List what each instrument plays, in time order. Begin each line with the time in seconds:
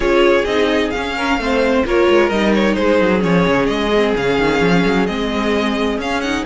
0.00 cello C#4, viola F4, violin G#4 C#5
0.44 cello C4, viola D#4, violin D#5
0.90 cello C#4, viola C#4, violin F5
1.16 violin A#4
1.37 cello A3, viola C4, violin C5
1.85 cello A#3, viola F4, violin A#4 C#5
2.09 cello G#3
2.29 cello G3, viola D#4, violin D#5
2.54 violin C#5
2.74 cello G#3, violin G#4 C5
3.01 cello F#3
3.19 cello F3, viola C#4, violin C#5
3.47 cello C#3
3.66 cello G#3, violin D#5
3.95 viola C4
4.16 cello C#3, viola C#4, violin F5
4.38 cello D#3
4.61 cello F3
4.85 cello F#3
5.06 cello G#3, viola C4, violin D#5
5.97 cello C#4, viola C#4, violin F5
6.21 viola D#4, violin F#5